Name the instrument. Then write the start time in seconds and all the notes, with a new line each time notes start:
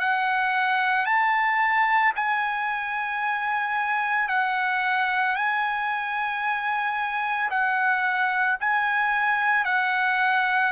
trumpet
0.00 F#5
1.05 A5
2.15 G#5
4.28 F#5
5.35 G#5
7.50 F#5
8.60 G#5
9.65 F#5